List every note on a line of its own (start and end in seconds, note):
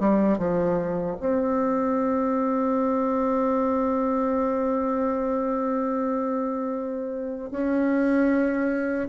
0.00 0.38 G3
0.38 1.17 F3
1.21 7.51 C4
7.51 9.09 C#4